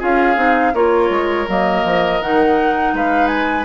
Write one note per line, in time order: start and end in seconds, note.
0.00 0.37 C#4
0.00 0.36 F4
0.00 0.73 G#4
0.00 0.75 F5
0.36 0.73 C4
0.36 0.73 D#4
0.74 1.10 A#3
0.74 1.48 F4
0.74 2.95 A#4
0.74 1.48 C#5
1.10 1.47 G#3
1.48 1.85 F#3
1.48 2.21 A#3
1.48 2.22 D#5
1.85 2.21 F3
2.21 2.94 D#3
2.21 3.65 D#4
2.21 2.95 F#5
2.94 3.65 G#3
2.94 3.65 B4
2.94 3.28 F5
3.28 3.64 G#5